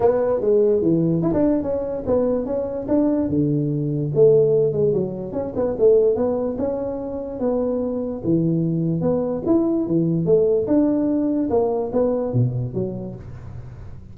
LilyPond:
\new Staff \with { instrumentName = "tuba" } { \time 4/4 \tempo 4 = 146 b4 gis4 e4 e'16 d'8. | cis'4 b4 cis'4 d'4 | d2 a4. gis8 | fis4 cis'8 b8 a4 b4 |
cis'2 b2 | e2 b4 e'4 | e4 a4 d'2 | ais4 b4 b,4 fis4 | }